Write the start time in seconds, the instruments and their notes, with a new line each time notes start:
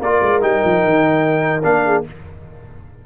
0.00 tuba A#3, trombone F4, horn A#4, trumpet D5
0.22 tuba G#3
0.41 tuba G3, trombone D#4, trumpet G5
0.65 tuba F3
0.84 tuba D#3
1.64 tuba A#3, trombone D4, trumpet F5
1.86 horn G#4